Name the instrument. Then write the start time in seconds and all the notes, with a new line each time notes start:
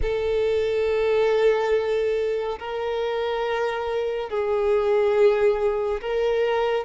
violin
0.02 A4
2.59 A#4
4.29 G#4
6.01 A#4